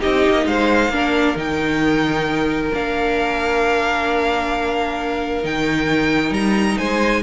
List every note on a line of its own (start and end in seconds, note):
0.00 0.28 C4
0.00 0.90 D#4
0.00 0.46 G4
0.00 0.47 D#5
0.29 0.46 A#3
0.46 0.89 G#3
0.46 0.93 C5
0.46 1.38 F5
0.89 1.34 A#3
0.89 1.36 D4
0.96 6.78 A#4
1.36 2.71 D#3
1.36 2.72 D#4
1.36 2.74 G5
2.73 5.44 A#3
2.73 5.43 D4
2.73 5.45 F5
5.43 6.31 D#3
5.43 7.23 D#4
5.43 6.34 G5
6.31 6.76 G3
6.31 6.78 A#5
6.78 7.23 G#3
6.78 7.23 C5
6.78 7.23 G#5